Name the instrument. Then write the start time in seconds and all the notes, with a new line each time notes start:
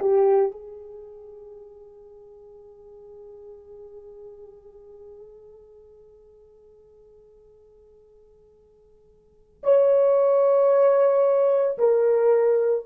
horn
0.00 G4
0.52 G#4
9.64 C#5
11.79 A#4